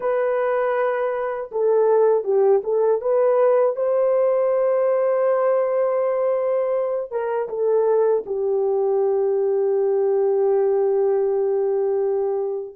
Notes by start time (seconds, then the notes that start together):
0.00 B4
1.51 A4
2.24 G4
2.63 A4
3.01 B4
3.76 C5
7.10 A#4
7.48 A4
8.25 G4